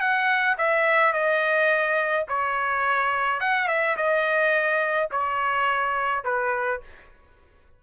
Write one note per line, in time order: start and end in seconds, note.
0.00 0.57 F#5
0.58 1.13 E5
1.13 2.26 D#5
2.28 3.40 C#5
3.40 3.68 F#5
3.68 3.96 E5
3.96 5.10 D#5
5.11 6.24 C#5
6.24 6.81 B4